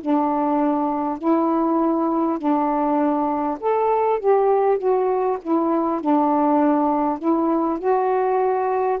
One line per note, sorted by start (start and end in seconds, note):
0.00 1.18 D4
1.18 2.38 E4
2.38 3.58 D4
3.59 4.19 A4
4.19 4.77 G4
4.77 5.37 F#4
5.42 6.01 E4
6.01 7.18 D4
7.18 7.78 E4
7.78 8.98 F#4